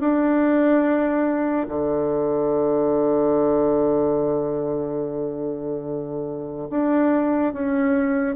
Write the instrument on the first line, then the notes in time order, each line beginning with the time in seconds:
bassoon
0.00 D4
1.69 D3
6.70 D4
7.53 C#4